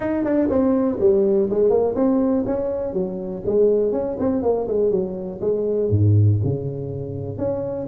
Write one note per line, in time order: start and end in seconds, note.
0.00 0.24 D#4
0.24 0.49 D4
0.49 0.98 C4
1.00 1.49 G3
1.50 1.70 G#3
1.70 1.94 A#3
1.95 2.44 C4
2.46 2.93 C#4
2.93 3.42 F#3
3.45 3.92 G#3
3.92 4.16 C#4
4.19 4.42 C4
4.42 4.67 A#3
4.67 4.90 G#3
4.90 5.40 F#3
5.41 5.89 G#3
5.89 6.38 G#2
6.43 7.37 C#3
7.37 7.86 C#4